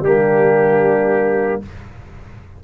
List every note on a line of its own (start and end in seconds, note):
0.00 1.58 G3
0.00 1.62 A#3
0.00 1.63 D4
0.00 1.61 G4